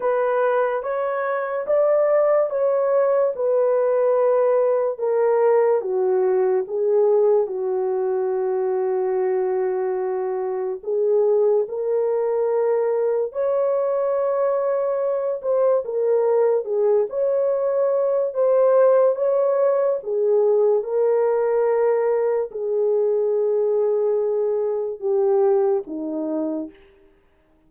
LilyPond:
\new Staff \with { instrumentName = "horn" } { \time 4/4 \tempo 4 = 72 b'4 cis''4 d''4 cis''4 | b'2 ais'4 fis'4 | gis'4 fis'2.~ | fis'4 gis'4 ais'2 |
cis''2~ cis''8 c''8 ais'4 | gis'8 cis''4. c''4 cis''4 | gis'4 ais'2 gis'4~ | gis'2 g'4 dis'4 | }